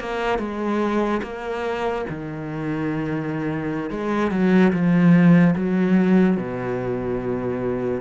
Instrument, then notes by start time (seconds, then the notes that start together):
cello
0.00 A#3
0.39 G#3
1.23 A#3
2.10 D#3
3.91 G#3
4.32 F#3
4.73 F3
5.56 F#3
6.37 B2